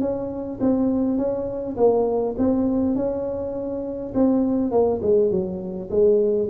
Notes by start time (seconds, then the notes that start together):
0.00 C#4
0.60 C4
1.17 C#4
1.76 A#3
2.37 C4
2.95 C#4
4.14 C4
4.71 A#3
5.01 G#3
5.30 F#3
5.90 G#3